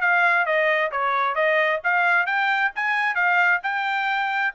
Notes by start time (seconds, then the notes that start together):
0.00 F5
0.45 D#5
0.91 C#5
1.34 D#5
1.83 F5
2.26 G5
2.75 G#5
3.15 F5
3.63 G5